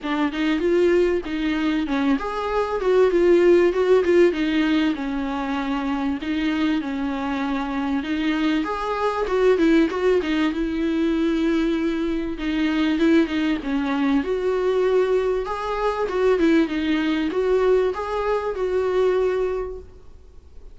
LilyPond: \new Staff \with { instrumentName = "viola" } { \time 4/4 \tempo 4 = 97 d'8 dis'8 f'4 dis'4 cis'8 gis'8~ | gis'8 fis'8 f'4 fis'8 f'8 dis'4 | cis'2 dis'4 cis'4~ | cis'4 dis'4 gis'4 fis'8 e'8 |
fis'8 dis'8 e'2. | dis'4 e'8 dis'8 cis'4 fis'4~ | fis'4 gis'4 fis'8 e'8 dis'4 | fis'4 gis'4 fis'2 | }